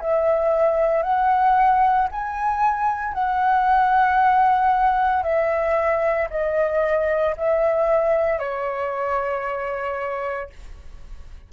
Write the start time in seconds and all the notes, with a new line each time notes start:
0.00 E5
1.02 F#5
2.11 G#5
3.13 F#5
5.22 E5
6.30 D#5
7.37 E5
8.39 C#5